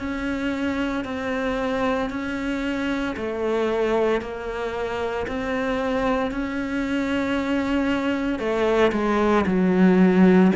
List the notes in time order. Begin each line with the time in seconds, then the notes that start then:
0.00 C#4
1.05 C4
2.11 C#4
3.17 A3
4.22 A#3
5.28 C4
6.32 C#4
8.40 A3
8.92 G#3
9.47 F#3